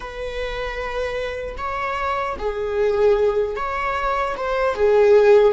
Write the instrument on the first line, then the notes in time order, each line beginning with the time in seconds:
viola
0.00 B4
1.57 C#5
2.38 G#4
3.56 C#5
4.36 C5
4.74 G#4